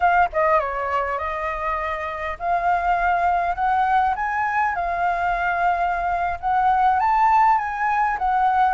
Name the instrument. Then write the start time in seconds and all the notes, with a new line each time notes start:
flute
0.00 F5
0.32 D#5
0.59 C#5
1.18 D#5
2.39 F5
3.55 F#5
4.15 G#5
4.75 F5
6.40 F#5
6.99 A5
7.58 G#5
8.18 F#5